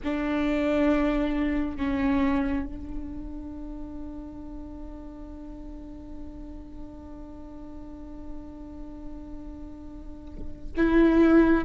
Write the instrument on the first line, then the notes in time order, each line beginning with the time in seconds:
viola
0.04 D4
1.76 C#4
2.66 D4
10.76 E4